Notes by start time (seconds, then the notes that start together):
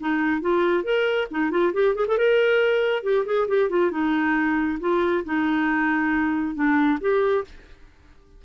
0.00 D#4
0.41 F4
0.84 A#4
1.31 D#4
1.51 F4
1.73 G4
1.95 G#4
2.08 A4
2.18 A#4
3.03 G4
3.26 G#4
3.48 G4
3.70 F4
3.91 D#4
4.80 F4
5.25 D#4
6.55 D4
7.01 G4